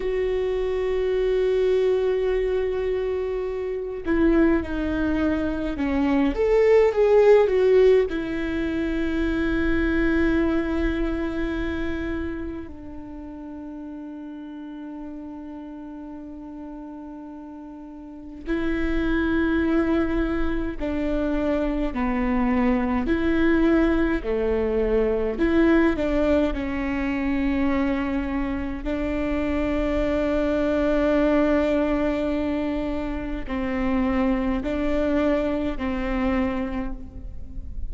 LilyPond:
\new Staff \with { instrumentName = "viola" } { \time 4/4 \tempo 4 = 52 fis'2.~ fis'8 e'8 | dis'4 cis'8 a'8 gis'8 fis'8 e'4~ | e'2. d'4~ | d'1 |
e'2 d'4 b4 | e'4 a4 e'8 d'8 cis'4~ | cis'4 d'2.~ | d'4 c'4 d'4 c'4 | }